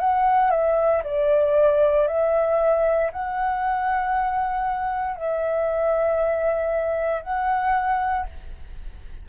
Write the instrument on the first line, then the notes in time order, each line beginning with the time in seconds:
flute
0.00 F#5
0.51 E5
1.04 D5
2.08 E5
3.12 F#5
5.17 E5
7.23 F#5